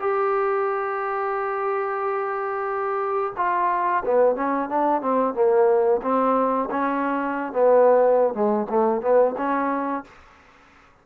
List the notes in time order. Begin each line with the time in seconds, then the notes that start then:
0.00 G4
3.37 F4
4.05 B3
4.36 C#4
4.69 D4
5.02 C4
5.35 A#3
6.03 C4
6.71 C#4
7.53 B3
8.34 G#3
8.70 A3
9.02 B3
9.38 C#4